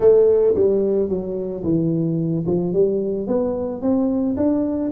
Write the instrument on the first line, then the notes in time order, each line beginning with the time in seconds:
tuba
0.00 A3
0.55 G3
1.08 F#3
1.63 E3
2.46 F3
2.73 G3
3.27 B3
3.81 C4
4.37 D4